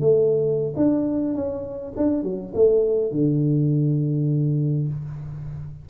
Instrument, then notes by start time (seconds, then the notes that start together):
tuba
0.00 A3
0.76 D4
1.34 C#4
1.96 D4
2.23 F#3
2.54 A3
3.11 D3